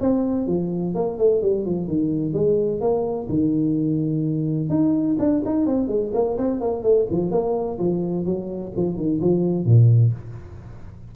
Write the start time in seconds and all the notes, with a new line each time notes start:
0.00 C4
0.47 F3
0.94 A#3
1.18 A3
1.42 G3
1.65 F3
1.87 D#3
2.33 G#3
2.80 A#3
3.29 D#3
4.69 D#4
5.19 D4
5.45 D#4
5.66 C4
5.88 G#3
6.14 A#3
6.38 C4
6.61 A#3
6.83 A3
7.10 F3
7.31 A#3
7.79 F3
8.25 F#3
8.76 F3
8.97 D#3
9.21 F3
9.65 A#2